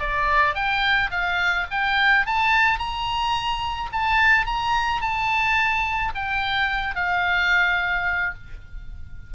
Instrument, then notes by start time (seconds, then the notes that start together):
oboe
0.00 D5
0.55 G5
1.11 F5
1.71 G5
2.27 A5
2.79 A#5
3.93 A5
4.46 A#5
5.02 A5
6.15 G5
6.95 F5